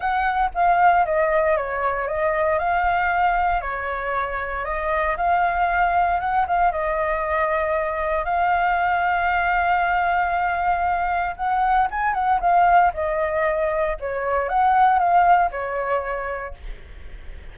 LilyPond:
\new Staff \with { instrumentName = "flute" } { \time 4/4 \tempo 4 = 116 fis''4 f''4 dis''4 cis''4 | dis''4 f''2 cis''4~ | cis''4 dis''4 f''2 | fis''8 f''8 dis''2. |
f''1~ | f''2 fis''4 gis''8 fis''8 | f''4 dis''2 cis''4 | fis''4 f''4 cis''2 | }